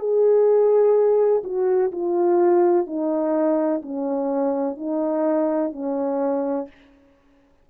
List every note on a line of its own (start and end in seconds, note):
0.00 1.43 G#4
1.44 1.92 F#4
1.92 2.87 F4
2.87 3.82 D#4
3.83 4.77 C#4
4.77 5.73 D#4
5.73 6.68 C#4